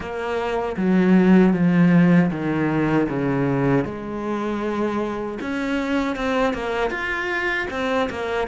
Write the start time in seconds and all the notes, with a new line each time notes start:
0.00 A#3
0.76 F#3
1.53 F3
2.30 D#3
3.09 C#3
3.84 G#3
5.41 C#4
6.16 C4
6.53 A#3
6.90 F4
7.70 C4
8.10 A#3